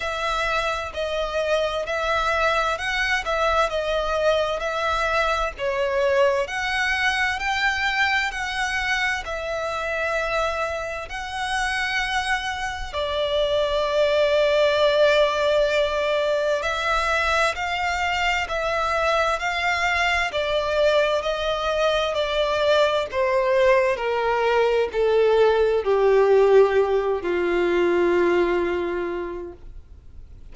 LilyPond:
\new Staff \with { instrumentName = "violin" } { \time 4/4 \tempo 4 = 65 e''4 dis''4 e''4 fis''8 e''8 | dis''4 e''4 cis''4 fis''4 | g''4 fis''4 e''2 | fis''2 d''2~ |
d''2 e''4 f''4 | e''4 f''4 d''4 dis''4 | d''4 c''4 ais'4 a'4 | g'4. f'2~ f'8 | }